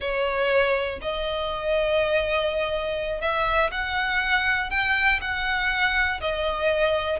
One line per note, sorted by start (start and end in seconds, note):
0.00 0.99 C#5
1.01 3.21 D#5
3.21 3.71 E5
3.71 4.70 F#5
4.70 5.20 G5
5.21 6.20 F#5
6.20 7.19 D#5